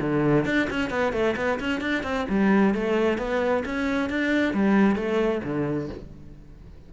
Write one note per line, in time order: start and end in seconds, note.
0.00 0.45 D3
0.45 0.68 D4
0.70 0.90 C#4
0.90 1.12 B3
1.12 1.35 A3
1.36 1.59 B3
1.60 1.80 C#4
1.80 2.03 D4
2.03 2.26 C4
2.29 2.74 G3
2.74 3.18 A3
3.18 3.63 B3
3.65 4.10 C#4
4.10 4.54 D4
4.54 4.95 G3
4.95 5.41 A3
5.44 5.89 D3